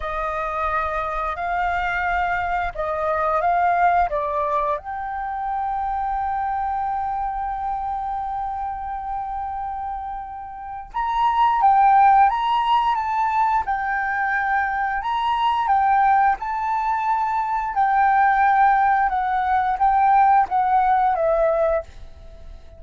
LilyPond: \new Staff \with { instrumentName = "flute" } { \time 4/4 \tempo 4 = 88 dis''2 f''2 | dis''4 f''4 d''4 g''4~ | g''1~ | g''1 |
ais''4 g''4 ais''4 a''4 | g''2 ais''4 g''4 | a''2 g''2 | fis''4 g''4 fis''4 e''4 | }